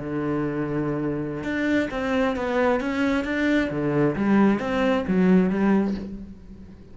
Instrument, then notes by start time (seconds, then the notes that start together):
cello
0.00 D3
1.44 D4
1.91 C4
2.37 B3
2.81 C#4
3.25 D4
3.71 D3
4.16 G3
4.60 C4
5.08 F#3
5.50 G3